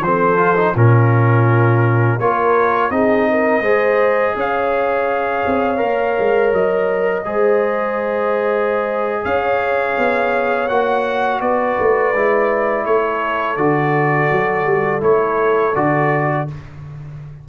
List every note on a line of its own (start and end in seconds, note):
0.00 0.72 F3
0.00 0.37 C4
0.00 0.75 A4
0.00 0.75 C5
0.37 0.55 F4
0.56 0.74 D#4
0.75 2.19 A#2
0.75 2.20 C#4
0.75 2.19 F4
0.75 2.19 A#4
2.19 2.90 A#3
2.19 2.90 F4
2.19 2.92 A#4
2.19 2.90 C#5
2.90 3.61 C4
2.90 3.63 D#4
2.90 3.28 G#4
2.90 4.35 D#5
3.30 3.61 A#4
3.61 4.33 G#3
3.61 5.77 G#4
3.61 4.34 C5
4.35 5.44 C#4
4.35 7.25 C#5
4.35 6.53 F5
5.45 5.81 C4
5.77 6.18 A#3
5.77 7.21 A#4
6.18 6.53 G#3
6.53 7.25 F#3
6.53 9.24 D#5
7.25 9.24 G#3
7.25 10.68 G#4
7.25 9.23 C5
9.23 9.97 C#4
9.23 11.40 C#5
9.23 10.68 F5
9.97 10.69 B3
10.68 11.41 A#3
10.68 12.14 F#4
10.68 11.40 F#5
11.41 11.77 B3
11.41 12.85 B4
11.41 12.85 D5
11.79 12.13 A3
12.13 12.85 G#3
12.13 13.57 E4
12.85 13.57 A3
12.85 16.48 A4
12.85 13.56 C#5
13.56 14.29 D3
13.56 15.00 F#4
13.56 15.00 D5
14.31 14.65 F#3
14.65 15.01 G3
15.00 15.74 A3
15.00 15.72 E4
15.00 15.75 C#5
15.75 16.48 D3
15.75 16.47 F#4
15.75 16.47 D5